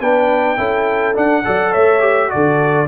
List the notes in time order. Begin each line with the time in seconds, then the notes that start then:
0.00 B3 D4 B4 G5
0.57 C#4 E4 A4
1.14 D4 F#5
1.44 F#3 A4 D5
1.71 A3 C#5 E5
2.00 G4
2.28 F#4 A4 D5
2.34 D3